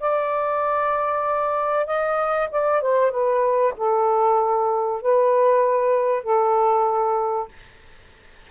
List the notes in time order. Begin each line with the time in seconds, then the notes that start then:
0.00 D5
1.87 D#5
2.51 D5
2.82 C5
3.11 B4
3.77 A4
5.02 B4
6.23 A4